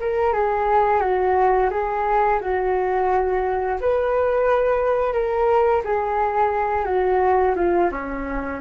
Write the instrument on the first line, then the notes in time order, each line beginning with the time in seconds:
flute
0.00 A#4
0.33 G#4
1.00 F#4
1.71 G#4
2.41 F#4
3.81 B4
5.13 A#4
5.85 G#4
6.85 F#4
7.55 F4
7.92 C#4